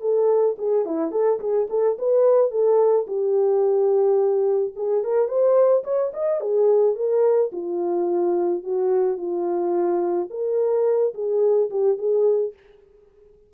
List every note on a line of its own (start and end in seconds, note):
0.00 0.56 A4
0.58 0.85 G#4
0.85 1.11 E4
1.11 1.39 A4
1.40 1.67 G#4
1.69 1.97 A4
1.98 2.51 B4
2.51 3.06 A4
3.07 4.73 G4
4.76 5.03 G#4
5.04 5.28 A#4
5.28 5.83 C5
5.83 6.11 C#5
6.13 6.40 D#5
6.40 6.95 G#4
6.95 7.51 A#4
7.52 8.63 F4
8.63 9.17 F#4
9.17 10.28 F4
10.30 11.13 A#4
11.14 11.69 G#4
11.70 11.97 G4
11.97 12.53 G#4